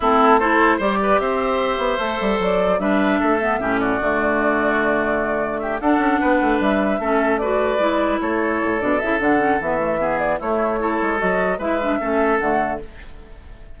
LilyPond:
<<
  \new Staff \with { instrumentName = "flute" } { \time 4/4 \tempo 4 = 150 a'4 c''4 d''4 e''4~ | e''2 d''4 e''4~ | e''4. d''2~ d''8~ | d''2 e''8 fis''4.~ |
fis''8 e''2 d''4.~ | d''8 cis''4. d''8 e''8 fis''4 | e''4. d''8 cis''2 | dis''4 e''2 fis''4 | }
  \new Staff \with { instrumentName = "oboe" } { \time 4/4 e'4 a'4 c''8 b'8 c''4~ | c''2. b'4 | a'4 g'8 fis'2~ fis'8~ | fis'2 g'8 a'4 b'8~ |
b'4. a'4 b'4.~ | b'8 a'2.~ a'8~ | a'4 gis'4 e'4 a'4~ | a'4 b'4 a'2 | }
  \new Staff \with { instrumentName = "clarinet" } { \time 4/4 c'4 e'4 g'2~ | g'4 a'2 d'4~ | d'8 b8 cis'4 a2~ | a2~ a8 d'4.~ |
d'4. cis'4 fis'4 e'8~ | e'2 d'8 e'8 d'8 cis'8 | b8 a8 b4 a4 e'4 | fis'4 e'8 d'8 cis'4 a4 | }
  \new Staff \with { instrumentName = "bassoon" } { \time 4/4 a2 g4 c'4~ | c'8 b8 a8 g8 fis4 g4 | a4 a,4 d2~ | d2~ d8 d'8 cis'8 b8 |
a8 g4 a2 gis8~ | gis8 a4 a,8 b,8 cis8 d4 | e2 a4. gis8 | fis4 gis4 a4 d4 | }
>>